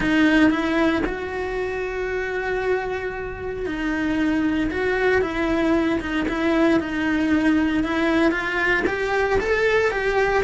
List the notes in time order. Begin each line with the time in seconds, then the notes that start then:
0.00 D#4
0.50 E4
1.05 F#4
3.65 D#4
4.70 F#4
5.21 E4
6.00 D#4
6.28 E4
6.80 D#4
7.83 E4
8.31 F4
8.86 G4
9.40 A4
9.91 G4